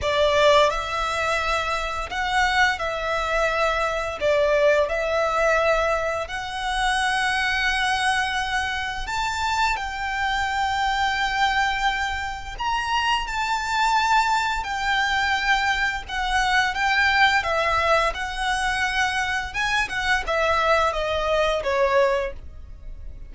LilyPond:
\new Staff \with { instrumentName = "violin" } { \time 4/4 \tempo 4 = 86 d''4 e''2 fis''4 | e''2 d''4 e''4~ | e''4 fis''2.~ | fis''4 a''4 g''2~ |
g''2 ais''4 a''4~ | a''4 g''2 fis''4 | g''4 e''4 fis''2 | gis''8 fis''8 e''4 dis''4 cis''4 | }